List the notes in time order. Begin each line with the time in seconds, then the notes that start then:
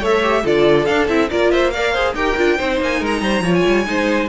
0.00 A3 A4 C#5 E5
0.23 G4
0.44 D3 F4 A4 D5
0.85 D4 F5
1.08 C4 E4 E5
1.30 A#3 F4 A#4 D5
1.52 C5 E5
1.71 A#4 D5 F5
1.93 G#4 C5
2.14 D#4 G4 A#4 G5
2.37 D4 F4
2.57 C4 D#4 C5
2.81 A#3 G#5
3.00 G#3 A#4
3.06 A#5
3.21 G3 C5
3.41 F3 F4 C#5
3.54 G#5
3.66 G3
3.85 G#3 D#4 C5